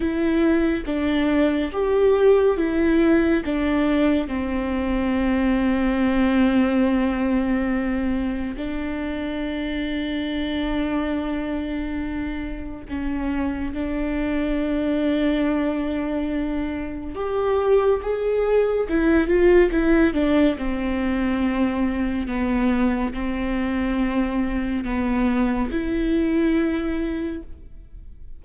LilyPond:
\new Staff \with { instrumentName = "viola" } { \time 4/4 \tempo 4 = 70 e'4 d'4 g'4 e'4 | d'4 c'2.~ | c'2 d'2~ | d'2. cis'4 |
d'1 | g'4 gis'4 e'8 f'8 e'8 d'8 | c'2 b4 c'4~ | c'4 b4 e'2 | }